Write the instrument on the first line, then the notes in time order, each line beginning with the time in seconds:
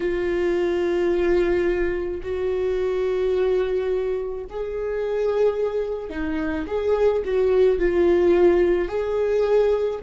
viola
0.00 F4
2.22 F#4
4.49 G#4
6.09 D#4
6.67 G#4
7.24 F#4
7.79 F4
8.88 G#4